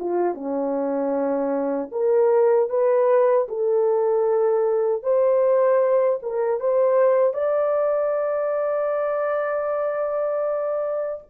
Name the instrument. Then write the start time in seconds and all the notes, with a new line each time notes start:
horn
0.00 F4
0.34 C#4
1.92 A#4
2.70 B4
3.49 A4
5.03 C5
6.23 A#4
6.60 C5
7.34 D5